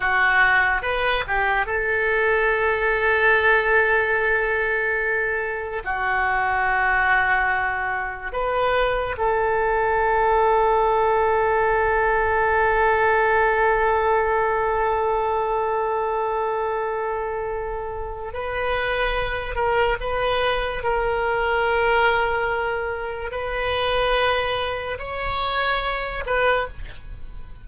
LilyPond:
\new Staff \with { instrumentName = "oboe" } { \time 4/4 \tempo 4 = 72 fis'4 b'8 g'8 a'2~ | a'2. fis'4~ | fis'2 b'4 a'4~ | a'1~ |
a'1~ | a'2 b'4. ais'8 | b'4 ais'2. | b'2 cis''4. b'8 | }